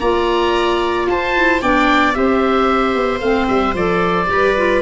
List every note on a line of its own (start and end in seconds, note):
0.00 1.06 A#3
0.00 1.35 F4
0.00 1.07 D5
0.00 1.07 A#5
1.06 1.60 F4
1.06 1.62 C5
1.06 1.62 A5
1.35 1.62 E4
1.62 2.16 B3
1.62 2.14 D4
1.62 2.16 D5
1.62 2.14 G5
2.14 2.95 C4
2.14 3.21 G4
2.14 4.31 C5
2.14 3.20 E5
2.95 3.21 B3
3.20 3.47 A3
3.20 3.74 C4
3.20 3.47 F5
3.48 3.74 G3
3.48 3.75 E5
3.74 4.28 F3
3.74 4.27 A4
3.74 4.82 D5
4.27 4.82 G3
4.27 4.53 G4
4.27 4.82 B4
4.57 4.82 F4